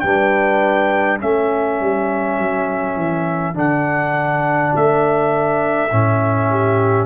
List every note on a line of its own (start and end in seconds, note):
0.00 1.21 G3
0.00 1.19 D4
0.00 1.20 B4
0.00 1.18 G5
1.19 1.80 A3
1.19 3.54 C#4
1.19 6.50 A4
1.19 3.56 E5
1.80 2.38 G3
2.38 2.96 F#3
2.96 3.55 E3
3.54 4.73 D3
3.54 5.89 D4
3.54 4.75 F#5
4.75 5.92 A3
4.75 7.06 E5
5.92 7.06 A2
5.92 7.06 C#4
6.50 7.06 G4